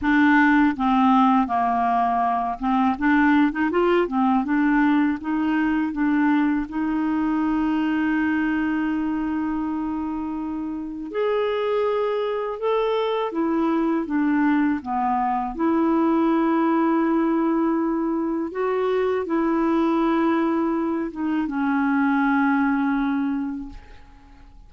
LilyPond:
\new Staff \with { instrumentName = "clarinet" } { \time 4/4 \tempo 4 = 81 d'4 c'4 ais4. c'8 | d'8. dis'16 f'8 c'8 d'4 dis'4 | d'4 dis'2.~ | dis'2. gis'4~ |
gis'4 a'4 e'4 d'4 | b4 e'2.~ | e'4 fis'4 e'2~ | e'8 dis'8 cis'2. | }